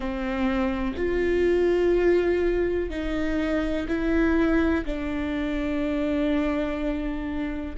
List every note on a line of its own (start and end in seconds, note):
0.00 0.95 C4
0.96 2.89 F4
2.89 3.86 D#4
3.88 4.84 E4
4.85 7.76 D4